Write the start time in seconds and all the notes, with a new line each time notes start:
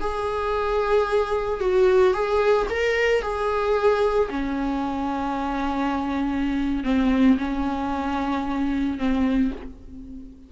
0.00 G#4
1.60 F#4
2.13 G#4
2.70 A#4
3.22 G#4
4.30 C#4
6.84 C4
7.38 C#4
8.98 C4